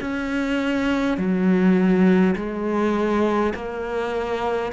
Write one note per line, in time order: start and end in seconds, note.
0.00 1.17 C#4
1.17 2.35 F#3
2.35 3.53 G#3
3.54 4.72 A#3